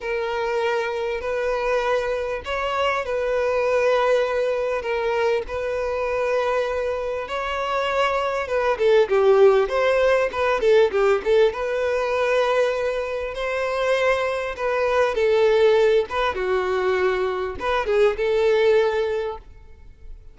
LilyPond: \new Staff \with { instrumentName = "violin" } { \time 4/4 \tempo 4 = 99 ais'2 b'2 | cis''4 b'2. | ais'4 b'2. | cis''2 b'8 a'8 g'4 |
c''4 b'8 a'8 g'8 a'8 b'4~ | b'2 c''2 | b'4 a'4. b'8 fis'4~ | fis'4 b'8 gis'8 a'2 | }